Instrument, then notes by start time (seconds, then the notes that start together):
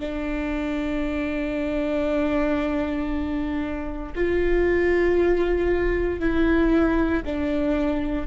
viola
0.00 D4
4.16 F4
6.20 E4
7.26 D4